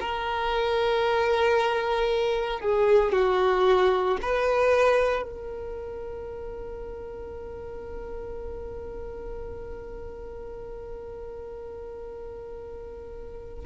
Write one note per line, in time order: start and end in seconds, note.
0.00 2.60 A#4
2.60 3.12 G#4
3.12 4.17 F#4
4.22 5.22 B4
5.22 13.64 A#4